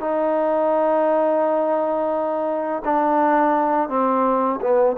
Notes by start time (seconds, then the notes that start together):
0.00 D#4
2.84 D4
3.89 C4
4.60 B3